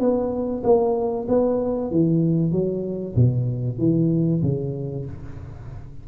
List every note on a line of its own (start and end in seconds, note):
0.00 0.63 B3
0.64 1.27 A#3
1.29 1.92 B3
1.92 2.53 E3
2.53 3.16 F#3
3.16 3.79 B2
3.79 4.42 E3
4.43 5.06 C#3